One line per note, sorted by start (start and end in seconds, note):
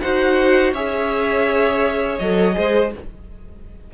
0.00 0.73 D#4
0.00 0.75 F#4
0.00 0.73 C5
0.00 0.73 F#5
0.73 2.19 C#4
0.73 2.21 G#4
0.73 2.56 C#5
0.73 2.18 E5
2.18 2.56 F#3
2.18 2.53 A4
2.18 2.91 D#5
2.53 2.94 G#3
2.53 2.90 G#4
2.53 2.93 C5